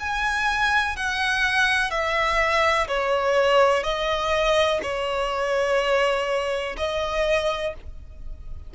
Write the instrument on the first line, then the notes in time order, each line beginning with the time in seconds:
violin
0.00 G#5
0.96 F#5
1.90 E5
2.88 C#5
3.83 D#5
4.82 C#5
6.77 D#5